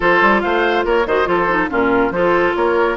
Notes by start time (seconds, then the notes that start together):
0.00 F3 F4 A4 C5
0.21 G3
0.41 A3 C5 F5
0.84 A#3 A#4 C#5
1.06 D#3 F#4 C5 D#5
1.25 F3 F4 A4 C5
1.48 D#4
1.69 A#2 C#4 F4 A#4
2.10 F3 F4 A4 C5
2.55 A#3 A#4 C#5